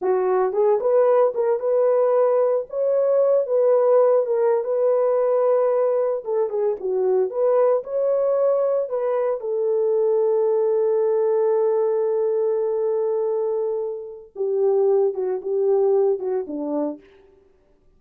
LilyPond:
\new Staff \with { instrumentName = "horn" } { \time 4/4 \tempo 4 = 113 fis'4 gis'8 b'4 ais'8 b'4~ | b'4 cis''4. b'4. | ais'8. b'2. a'16~ | a'16 gis'8 fis'4 b'4 cis''4~ cis''16~ |
cis''8. b'4 a'2~ a'16~ | a'1~ | a'2. g'4~ | g'8 fis'8 g'4. fis'8 d'4 | }